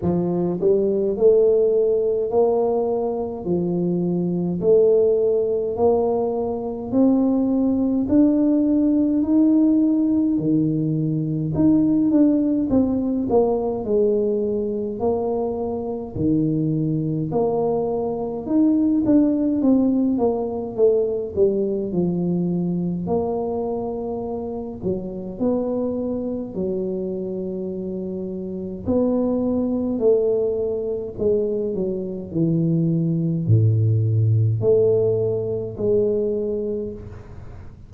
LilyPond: \new Staff \with { instrumentName = "tuba" } { \time 4/4 \tempo 4 = 52 f8 g8 a4 ais4 f4 | a4 ais4 c'4 d'4 | dis'4 dis4 dis'8 d'8 c'8 ais8 | gis4 ais4 dis4 ais4 |
dis'8 d'8 c'8 ais8 a8 g8 f4 | ais4. fis8 b4 fis4~ | fis4 b4 a4 gis8 fis8 | e4 a,4 a4 gis4 | }